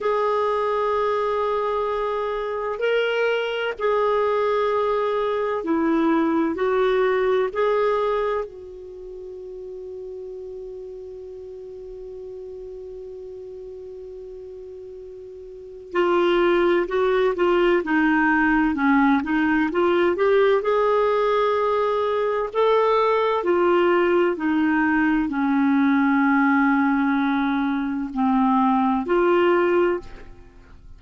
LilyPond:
\new Staff \with { instrumentName = "clarinet" } { \time 4/4 \tempo 4 = 64 gis'2. ais'4 | gis'2 e'4 fis'4 | gis'4 fis'2.~ | fis'1~ |
fis'4 f'4 fis'8 f'8 dis'4 | cis'8 dis'8 f'8 g'8 gis'2 | a'4 f'4 dis'4 cis'4~ | cis'2 c'4 f'4 | }